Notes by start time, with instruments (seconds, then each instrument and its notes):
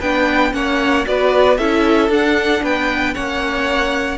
0.00 cello B3, viola D4, violin B4 G5
0.53 cello A#3, viola C#4, violin C#5 F#5
1.06 cello B3, viola F#4, violin B4 D5
1.58 cello C#4, viola E4, violin A4 E5
2.09 cello D4, viola D4, violin F#5
2.63 cello B3, violin B4 G5
3.15 cello A#3, viola C#4, violin C#5 F#5